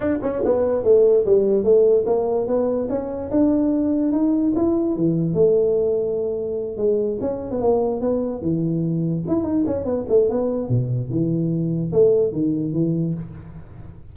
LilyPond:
\new Staff \with { instrumentName = "tuba" } { \time 4/4 \tempo 4 = 146 d'8 cis'8 b4 a4 g4 | a4 ais4 b4 cis'4 | d'2 dis'4 e'4 | e4 a2.~ |
a8 gis4 cis'8. b16 ais4 b8~ | b8 e2 e'8 dis'8 cis'8 | b8 a8 b4 b,4 e4~ | e4 a4 dis4 e4 | }